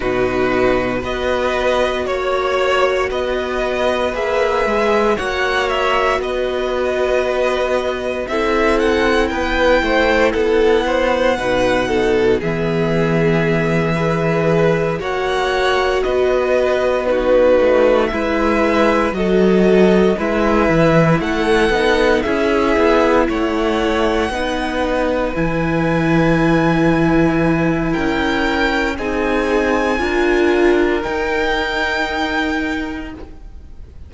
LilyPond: <<
  \new Staff \with { instrumentName = "violin" } { \time 4/4 \tempo 4 = 58 b'4 dis''4 cis''4 dis''4 | e''4 fis''8 e''8 dis''2 | e''8 fis''8 g''4 fis''2 | e''2~ e''8 fis''4 dis''8~ |
dis''8 b'4 e''4 dis''4 e''8~ | e''8 fis''4 e''4 fis''4.~ | fis''8 gis''2~ gis''8 g''4 | gis''2 g''2 | }
  \new Staff \with { instrumentName = "violin" } { \time 4/4 fis'4 b'4 cis''4 b'4~ | b'4 cis''4 b'2 | a'4 b'8 c''8 a'8 c''8 b'8 a'8 | gis'4. b'4 cis''4 b'8~ |
b'8 fis'4 b'4 a'4 b'8~ | b'8 a'4 gis'4 cis''4 b'8~ | b'2. ais'4 | gis'4 ais'2. | }
  \new Staff \with { instrumentName = "viola" } { \time 4/4 dis'4 fis'2. | gis'4 fis'2. | e'2. dis'4 | b4. gis'4 fis'4.~ |
fis'8 dis'4 e'4 fis'4 e'8~ | e'4 dis'8 e'2 dis'8~ | dis'8 e'2.~ e'8 | dis'4 f'4 dis'2 | }
  \new Staff \with { instrumentName = "cello" } { \time 4/4 b,4 b4 ais4 b4 | ais8 gis8 ais4 b2 | c'4 b8 a8 b4 b,4 | e2~ e8 ais4 b8~ |
b4 a8 gis4 fis4 gis8 | e8 a8 b8 cis'8 b8 a4 b8~ | b8 e2~ e8 cis'4 | c'4 d'4 dis'2 | }
>>